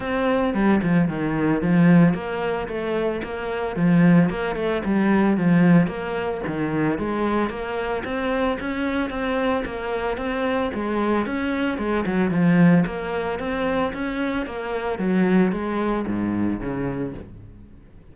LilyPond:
\new Staff \with { instrumentName = "cello" } { \time 4/4 \tempo 4 = 112 c'4 g8 f8 dis4 f4 | ais4 a4 ais4 f4 | ais8 a8 g4 f4 ais4 | dis4 gis4 ais4 c'4 |
cis'4 c'4 ais4 c'4 | gis4 cis'4 gis8 fis8 f4 | ais4 c'4 cis'4 ais4 | fis4 gis4 gis,4 cis4 | }